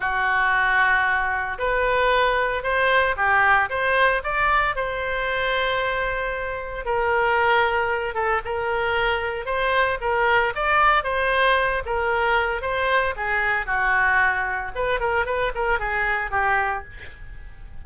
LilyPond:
\new Staff \with { instrumentName = "oboe" } { \time 4/4 \tempo 4 = 114 fis'2. b'4~ | b'4 c''4 g'4 c''4 | d''4 c''2.~ | c''4 ais'2~ ais'8 a'8 |
ais'2 c''4 ais'4 | d''4 c''4. ais'4. | c''4 gis'4 fis'2 | b'8 ais'8 b'8 ais'8 gis'4 g'4 | }